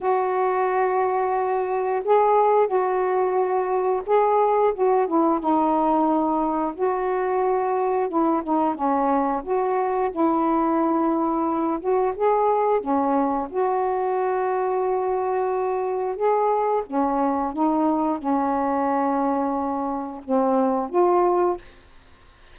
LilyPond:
\new Staff \with { instrumentName = "saxophone" } { \time 4/4 \tempo 4 = 89 fis'2. gis'4 | fis'2 gis'4 fis'8 e'8 | dis'2 fis'2 | e'8 dis'8 cis'4 fis'4 e'4~ |
e'4. fis'8 gis'4 cis'4 | fis'1 | gis'4 cis'4 dis'4 cis'4~ | cis'2 c'4 f'4 | }